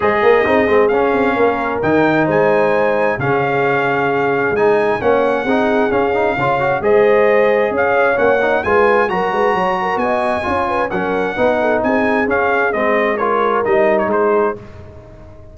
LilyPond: <<
  \new Staff \with { instrumentName = "trumpet" } { \time 4/4 \tempo 4 = 132 dis''2 f''2 | g''4 gis''2 f''4~ | f''2 gis''4 fis''4~ | fis''4 f''2 dis''4~ |
dis''4 f''4 fis''4 gis''4 | ais''2 gis''2 | fis''2 gis''4 f''4 | dis''4 cis''4 dis''8. cis''16 c''4 | }
  \new Staff \with { instrumentName = "horn" } { \time 4/4 c''8 ais'8 gis'2 ais'4~ | ais'4 c''2 gis'4~ | gis'2. cis''4 | gis'2 cis''4 c''4~ |
c''4 cis''2 b'4 | ais'8 b'8 cis''8 ais'8 dis''4 cis''8 b'8 | ais'4 b'8 a'8 gis'2~ | gis'4 ais'2 gis'4 | }
  \new Staff \with { instrumentName = "trombone" } { \time 4/4 gis'4 dis'8 c'8 cis'2 | dis'2. cis'4~ | cis'2 dis'4 cis'4 | dis'4 cis'8 dis'8 f'8 fis'8 gis'4~ |
gis'2 cis'8 dis'8 f'4 | fis'2. f'4 | cis'4 dis'2 cis'4 | c'4 f'4 dis'2 | }
  \new Staff \with { instrumentName = "tuba" } { \time 4/4 gis8 ais8 c'8 gis8 cis'8 c'8 ais4 | dis4 gis2 cis4~ | cis2 gis4 ais4 | c'4 cis'4 cis4 gis4~ |
gis4 cis'4 ais4 gis4 | fis8 gis8 fis4 b4 cis'4 | fis4 b4 c'4 cis'4 | gis2 g4 gis4 | }
>>